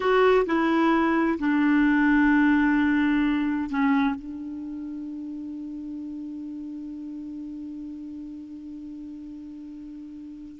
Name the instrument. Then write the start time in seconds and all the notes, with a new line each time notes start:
clarinet
0.00 F#4
0.46 E4
1.38 D4
3.69 C#4
4.15 D4